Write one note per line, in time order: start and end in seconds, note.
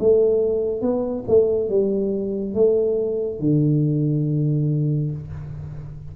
0.00 0.82 A3
0.82 1.25 B3
1.29 1.69 A3
1.69 2.55 G3
2.55 3.40 A3
3.40 5.12 D3